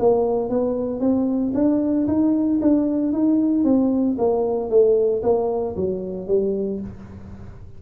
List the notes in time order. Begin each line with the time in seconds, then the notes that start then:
0.00 A#3
0.50 B3
1.00 C4
1.55 D4
2.08 D#4
2.62 D4
3.13 D#4
3.65 C4
4.19 A#3
4.70 A3
5.23 A#3
5.77 F#3
6.28 G3